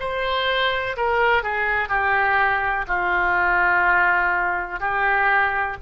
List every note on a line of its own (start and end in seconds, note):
0.00 0.97 C5
0.97 1.43 A#4
1.43 1.89 G#4
1.89 2.85 G4
2.88 4.80 F4
4.80 5.77 G4